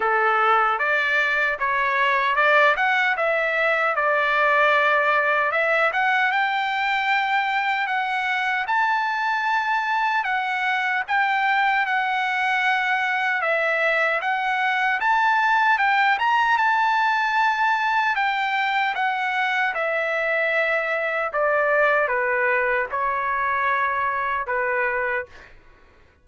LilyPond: \new Staff \with { instrumentName = "trumpet" } { \time 4/4 \tempo 4 = 76 a'4 d''4 cis''4 d''8 fis''8 | e''4 d''2 e''8 fis''8 | g''2 fis''4 a''4~ | a''4 fis''4 g''4 fis''4~ |
fis''4 e''4 fis''4 a''4 | g''8 ais''8 a''2 g''4 | fis''4 e''2 d''4 | b'4 cis''2 b'4 | }